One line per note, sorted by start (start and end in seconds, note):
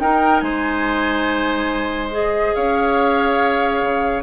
0.00 0.42 D#4
0.00 2.11 D#4
0.00 0.44 A#4
0.00 0.40 G5
0.40 2.53 G#3
0.40 2.55 C5
0.40 2.10 G#5
2.11 4.22 G#4
2.11 2.55 D#5
2.55 3.82 C#4
2.55 4.23 C#5
2.55 4.23 F5
3.82 4.23 C#3